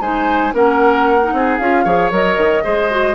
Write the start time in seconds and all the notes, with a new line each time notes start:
0.00 G#3 D#4 C5 G#5
0.53 A#3 C#4 A#4 F#5
1.23 D#4
1.32 C4 G#4
1.58 C#4 F4 F5
1.84 F3 G#4 C#5
2.11 F#3 A#4 D#5
2.37 D#3
2.64 G#3 G#4 C5
2.90 F#4